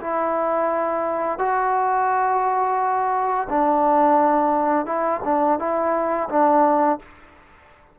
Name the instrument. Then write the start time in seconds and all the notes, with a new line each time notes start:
trombone
0.00 E4
1.38 F#4
3.49 D4
4.86 E4
5.24 D4
5.58 E4
6.29 D4